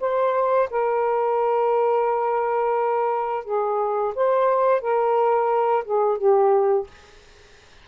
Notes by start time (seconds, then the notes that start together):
0.00 C5
0.70 A#4
3.45 G#4
4.15 C5
4.81 A#4
5.84 G#4
6.18 G4